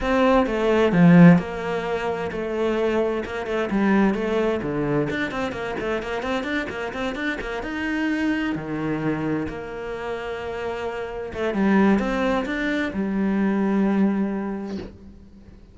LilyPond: \new Staff \with { instrumentName = "cello" } { \time 4/4 \tempo 4 = 130 c'4 a4 f4 ais4~ | ais4 a2 ais8 a8 | g4 a4 d4 d'8 c'8 | ais8 a8 ais8 c'8 d'8 ais8 c'8 d'8 |
ais8 dis'2 dis4.~ | dis8 ais2.~ ais8~ | ais8 a8 g4 c'4 d'4 | g1 | }